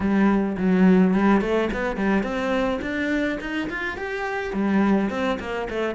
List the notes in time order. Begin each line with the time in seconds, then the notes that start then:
0.00 G3
0.57 F#3
1.13 G3
1.41 A3
1.73 B3
1.96 G3
2.23 C4
2.81 D4
3.40 D#4
3.69 F4
3.97 G4
4.53 G3
5.10 C4
5.39 A#3
5.69 A3